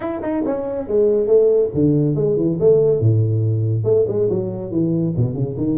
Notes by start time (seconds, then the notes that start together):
0.00 E4
0.21 D#4
0.45 C#4
0.87 G#3
1.26 A3
1.74 D3
2.15 G#3
2.36 E3
2.60 A3
3.00 A2
3.84 A3
4.07 G#3
4.29 F#3
4.71 E3
5.16 B2
5.34 C#3
5.57 D#3